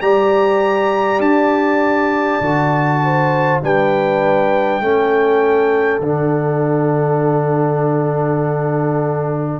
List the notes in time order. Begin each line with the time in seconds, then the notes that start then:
0.00 G3 G4 D5 A#5
1.19 D4 A5
2.40 D3 F#4
3.04 C5
3.61 G3 D4 B4 G5
4.80 A3 C#4 A4
5.99 D3 D4 F#5